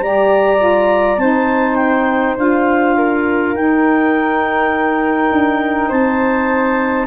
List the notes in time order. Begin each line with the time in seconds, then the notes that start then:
0.00 G3 G4 D5 A#5
0.57 F4
1.17 C4 D#4 C5 A5
1.75 G5
2.37 D4 F4 F5
2.96 A#4
3.54 D#4 G5
5.31 D4
5.88 C4 C5 A5